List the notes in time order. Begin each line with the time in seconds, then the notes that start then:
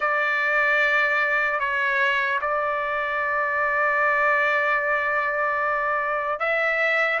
0.00 D5
1.59 C#5
2.41 D5
6.39 E5